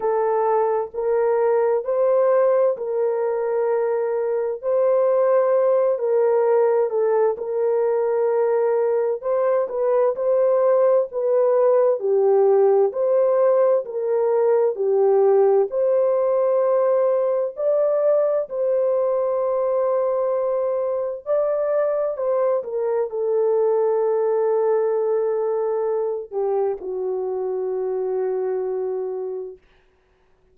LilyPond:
\new Staff \with { instrumentName = "horn" } { \time 4/4 \tempo 4 = 65 a'4 ais'4 c''4 ais'4~ | ais'4 c''4. ais'4 a'8 | ais'2 c''8 b'8 c''4 | b'4 g'4 c''4 ais'4 |
g'4 c''2 d''4 | c''2. d''4 | c''8 ais'8 a'2.~ | a'8 g'8 fis'2. | }